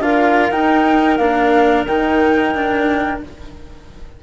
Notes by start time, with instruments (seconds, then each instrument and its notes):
0.00 bassoon D4, cello F4, clarinet A#4, flute F5
0.51 bassoon D#4, cello D#4, flute G5
1.17 bassoon A#3, cello D4, flute F5
1.87 bassoon D#3, cello D#4, flute G5
2.55 cello D4